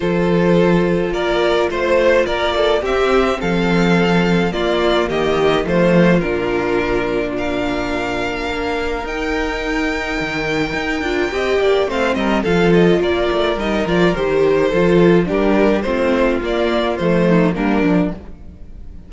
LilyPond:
<<
  \new Staff \with { instrumentName = "violin" } { \time 4/4 \tempo 4 = 106 c''2 d''4 c''4 | d''4 e''4 f''2 | d''4 dis''4 c''4 ais'4~ | ais'4 f''2. |
g''1~ | g''4 f''8 dis''8 f''8 dis''8 d''4 | dis''8 d''8 c''2 ais'4 | c''4 d''4 c''4 ais'4 | }
  \new Staff \with { instrumentName = "violin" } { \time 4/4 a'2 ais'4 c''4 | ais'8 a'8 g'4 a'2 | f'4 g'4 f'2~ | f'4 ais'2.~ |
ais'1 | dis''8 d''8 c''8 ais'8 a'4 ais'4~ | ais'2 a'4 g'4 | f'2~ f'8 dis'8 d'4 | }
  \new Staff \with { instrumentName = "viola" } { \time 4/4 f'1~ | f'4 c'2. | ais2 a4 d'4~ | d'1 |
dis'2.~ dis'8 f'8 | g'4 c'4 f'2 | dis'8 f'8 g'4 f'4 d'4 | c'4 ais4 a4 ais8 d'8 | }
  \new Staff \with { instrumentName = "cello" } { \time 4/4 f2 ais4 a4 | ais4 c'4 f2 | ais4 dis4 f4 ais,4~ | ais,2. ais4 |
dis'2 dis4 dis'8 d'8 | c'8 ais8 a8 g8 f4 ais8 a8 | g8 f8 dis4 f4 g4 | a4 ais4 f4 g8 f8 | }
>>